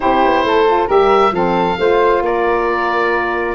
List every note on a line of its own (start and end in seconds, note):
0.00 0.25 C4
0.00 0.66 E4
0.00 0.45 G4
0.00 0.88 C5
0.25 0.43 B3
0.43 0.88 A3
0.43 0.87 A4
0.66 0.86 F4
0.86 1.31 G3
0.86 1.31 G4
0.86 1.32 A#4
0.86 1.34 E5
1.31 1.75 F3
1.31 1.77 C4
1.31 1.79 A4
1.31 2.23 F5
1.78 2.21 A3
1.78 3.55 F4
1.78 2.23 C5
2.21 3.54 A#3
2.21 3.55 A#4
2.21 3.55 D5